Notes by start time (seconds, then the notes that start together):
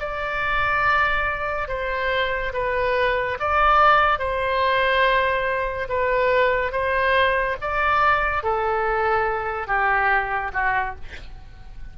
0.00 D5
1.68 C5
2.54 B4
3.40 D5
4.19 C5
5.89 B4
6.72 C5
7.61 D5
8.43 A4
9.67 G4
10.53 F#4